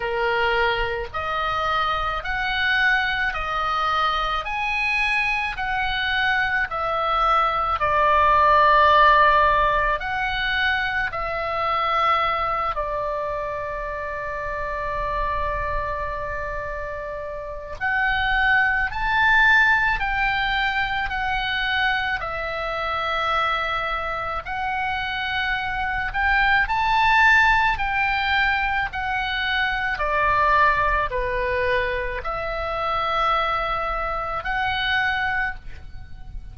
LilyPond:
\new Staff \with { instrumentName = "oboe" } { \time 4/4 \tempo 4 = 54 ais'4 dis''4 fis''4 dis''4 | gis''4 fis''4 e''4 d''4~ | d''4 fis''4 e''4. d''8~ | d''1 |
fis''4 a''4 g''4 fis''4 | e''2 fis''4. g''8 | a''4 g''4 fis''4 d''4 | b'4 e''2 fis''4 | }